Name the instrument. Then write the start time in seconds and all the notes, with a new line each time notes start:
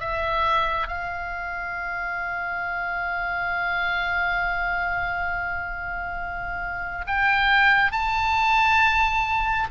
oboe
0.00 E5
0.87 F5
7.07 G5
7.92 A5